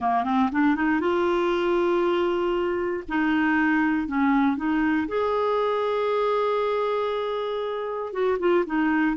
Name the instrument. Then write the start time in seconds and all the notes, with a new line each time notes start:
clarinet
0.00 A#3
0.24 C4
0.52 D4
0.75 D#4
1.00 F4
3.08 D#4
4.07 C#4
4.56 D#4
5.08 G#4
8.12 F#4
8.39 F4
8.66 D#4